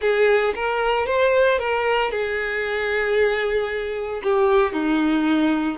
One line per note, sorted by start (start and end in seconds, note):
0.01 0.54 G#4
0.55 1.06 A#4
1.06 1.58 C5
1.58 2.11 A#4
2.11 4.22 G#4
4.23 4.72 G4
4.72 5.78 D#4